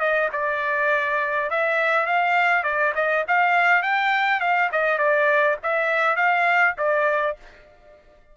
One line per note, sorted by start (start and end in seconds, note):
0.00 0.29 D#5
0.33 1.51 D5
1.51 2.07 E5
2.07 2.64 F5
2.64 2.93 D5
2.95 3.25 D#5
3.28 3.83 F5
3.83 4.41 G5
4.41 4.70 F5
4.72 4.98 D#5
4.98 5.57 D5
5.63 6.17 E5
6.17 6.75 F5
6.78 7.37 D5